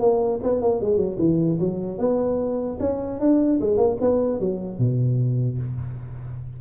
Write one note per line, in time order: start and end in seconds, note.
0.00 0.40 A#3
0.43 0.62 B3
0.62 0.81 A#3
0.81 0.97 G#3
0.97 1.17 F#3
1.19 1.59 E3
1.60 1.99 F#3
1.99 2.79 B3
2.80 3.20 C#4
3.20 3.60 D4
3.61 3.77 G#3
3.77 3.97 A#3
4.01 4.40 B3
4.40 4.79 F#3
4.79 5.59 B2